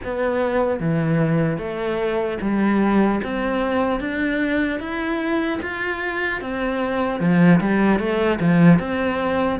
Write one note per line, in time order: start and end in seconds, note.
0.04 0.80 B3
0.80 1.58 E3
1.58 2.38 A3
2.41 3.21 G3
3.23 4.00 C4
4.00 4.79 D4
4.79 5.59 E4
5.61 6.41 F4
6.41 7.20 C4
7.20 7.60 F3
7.60 7.99 G3
7.99 8.39 A3
8.40 8.79 F3
8.79 9.59 C4